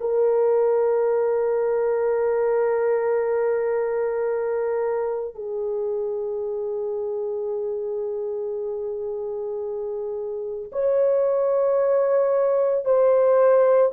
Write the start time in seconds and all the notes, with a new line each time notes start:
0.00 A#4
5.35 G#4
10.72 C#5
12.85 C5